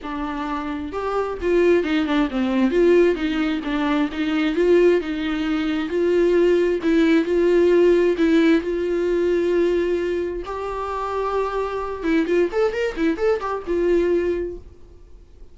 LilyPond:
\new Staff \with { instrumentName = "viola" } { \time 4/4 \tempo 4 = 132 d'2 g'4 f'4 | dis'8 d'8 c'4 f'4 dis'4 | d'4 dis'4 f'4 dis'4~ | dis'4 f'2 e'4 |
f'2 e'4 f'4~ | f'2. g'4~ | g'2~ g'8 e'8 f'8 a'8 | ais'8 e'8 a'8 g'8 f'2 | }